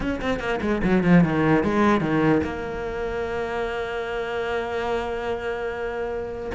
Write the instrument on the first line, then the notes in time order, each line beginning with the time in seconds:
cello
0.00 C#4
0.21 C4
0.39 A#3
0.61 G#3
0.83 F#3
1.03 F3
1.24 D#3
1.63 G#3
2.00 D#3
2.43 A#3